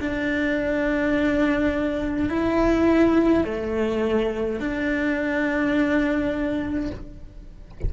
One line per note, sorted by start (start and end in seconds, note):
0.00 2.29 D4
2.29 3.44 E4
3.44 4.59 A3
4.59 6.90 D4